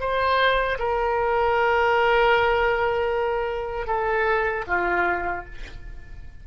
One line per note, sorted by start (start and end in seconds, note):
0.00 0.78 C5
0.79 3.87 A#4
3.87 4.65 A4
4.67 5.45 F4